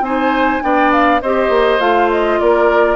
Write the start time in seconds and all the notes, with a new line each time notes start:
0.00 C4 D#4 C5 G#5
0.61 B3 D4 D5 G5
0.92 F5
1.21 C4 G4 C5 D#5
1.49 A#3
1.79 A3 F4 F5
2.10 D#5
2.39 A#3 A#4 D5